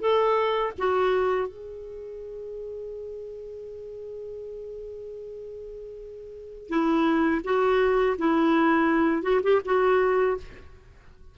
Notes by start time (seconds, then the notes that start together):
0.00 A4
0.78 F#4
1.48 G#4
6.69 E4
7.44 F#4
8.18 E4
9.22 F#4
9.43 G4
9.65 F#4